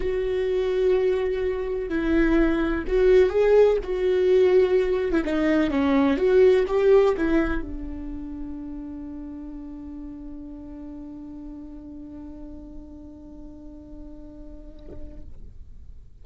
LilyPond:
\new Staff \with { instrumentName = "viola" } { \time 4/4 \tempo 4 = 126 fis'1 | e'2 fis'4 gis'4 | fis'2~ fis'8. e'16 dis'4 | cis'4 fis'4 g'4 e'4 |
d'1~ | d'1~ | d'1~ | d'1 | }